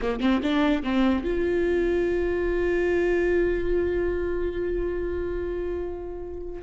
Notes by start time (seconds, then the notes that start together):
0.01 A#3
0.20 C4
0.43 D4
0.83 C4
1.24 F4